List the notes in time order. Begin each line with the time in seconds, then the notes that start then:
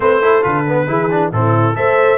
0.00 A3 C4 B4 C5
0.21 E4 A4
0.42 D3 F4 B4
0.68 B3
0.87 E3 E4 G#4
1.10 D4
1.32 A2 C4 E4 A4
1.74 A3 A4 C5 E5